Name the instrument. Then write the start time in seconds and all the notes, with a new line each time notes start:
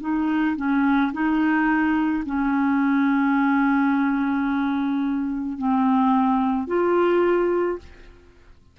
clarinet
0.00 D#4
0.56 C#4
1.13 D#4
2.25 C#4
5.58 C4
6.67 F4